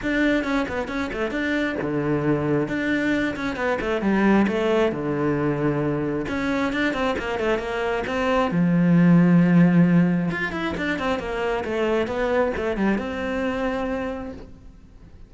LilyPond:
\new Staff \with { instrumentName = "cello" } { \time 4/4 \tempo 4 = 134 d'4 cis'8 b8 cis'8 a8 d'4 | d2 d'4. cis'8 | b8 a8 g4 a4 d4~ | d2 cis'4 d'8 c'8 |
ais8 a8 ais4 c'4 f4~ | f2. f'8 e'8 | d'8 c'8 ais4 a4 b4 | a8 g8 c'2. | }